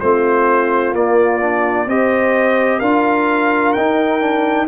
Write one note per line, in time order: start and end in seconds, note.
0.00 0.93 A3
0.00 0.94 C4
0.00 1.88 F4
0.00 0.94 C5
0.93 1.86 A#3
0.93 1.40 A#3
0.93 1.89 D5
1.40 1.87 D4
1.86 2.80 C4
1.86 2.82 G4
1.86 2.79 C5
1.86 2.80 D#5
2.79 3.75 D4
2.79 3.76 F4
2.79 4.66 A#4
2.79 3.73 F5
3.73 4.20 D#4
3.73 4.67 D#4
3.73 4.66 G5
4.20 4.67 D4